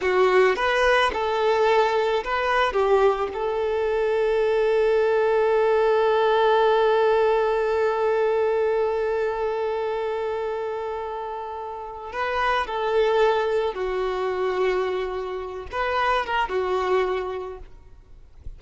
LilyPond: \new Staff \with { instrumentName = "violin" } { \time 4/4 \tempo 4 = 109 fis'4 b'4 a'2 | b'4 g'4 a'2~ | a'1~ | a'1~ |
a'1~ | a'2 b'4 a'4~ | a'4 fis'2.~ | fis'8 b'4 ais'8 fis'2 | }